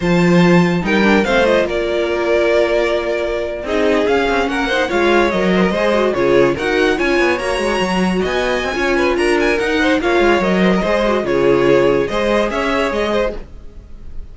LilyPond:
<<
  \new Staff \with { instrumentName = "violin" } { \time 4/4 \tempo 4 = 144 a''2 g''4 f''8 dis''8 | d''1~ | d''8. dis''4 f''4 fis''4 f''16~ | f''8. dis''2 cis''4 fis''16~ |
fis''8. gis''4 ais''2 gis''16~ | gis''2 ais''8 gis''8 fis''4 | f''4 dis''2 cis''4~ | cis''4 dis''4 e''4 dis''4 | }
  \new Staff \with { instrumentName = "violin" } { \time 4/4 c''2 ais'4 c''4 | ais'1~ | ais'8. gis'2 ais'8 c''8 cis''16~ | cis''4~ cis''16 c''16 ais'16 c''4 gis'4 ais'16~ |
ais'8. cis''2. dis''16~ | dis''4 cis''8 b'8 ais'4. c''8 | cis''4. c''16 ais'16 c''4 gis'4~ | gis'4 c''4 cis''4. c''8 | }
  \new Staff \with { instrumentName = "viola" } { \time 4/4 f'2 dis'8 d'8 c'8 f'8~ | f'1~ | f'8. dis'4 cis'4. dis'8 f'16~ | f'8. ais'4 gis'8 fis'8 f'4 fis'16~ |
fis'8. f'4 fis'2~ fis'16~ | fis'4 f'2 dis'4 | f'4 ais'4 gis'8 fis'8 f'4~ | f'4 gis'2. | }
  \new Staff \with { instrumentName = "cello" } { \time 4/4 f2 g4 a4 | ais1~ | ais8. c'4 cis'8 c'8 ais4 gis16~ | gis8. fis4 gis4 cis4 dis'16~ |
dis'8. cis'8 b8 ais8 gis8 fis4 b16~ | b8. c'16 cis'4 d'4 dis'4 | ais8 gis8 fis4 gis4 cis4~ | cis4 gis4 cis'4 gis4 | }
>>